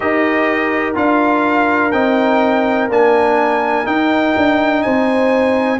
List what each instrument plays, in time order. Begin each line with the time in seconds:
0.00 tuba D#4, trombone G4, horn A#4, trumpet D#5
0.94 tuba D4, trombone F4, trumpet F5
1.91 tuba C4, trombone D#4, trumpet G5
2.89 tuba A#3, trombone D4, trumpet G#5
3.85 trombone D#4, tuba D#4, trumpet G5
4.36 tuba D4
4.82 tuba C4, horn C5, trumpet G#5